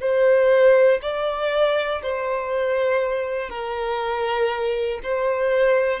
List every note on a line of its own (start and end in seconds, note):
0.00 1.00 C5
1.02 2.02 D5
2.02 3.49 C5
3.49 4.99 A#4
5.03 6.00 C5